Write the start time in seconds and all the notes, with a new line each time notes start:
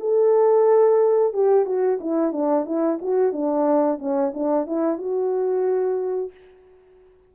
0.00 A4
1.33 G4
1.65 F#4
2.00 E4
2.32 D4
2.65 E4
3.02 F#4
3.32 D4
3.99 C#4
4.34 D4
4.66 E4
4.98 F#4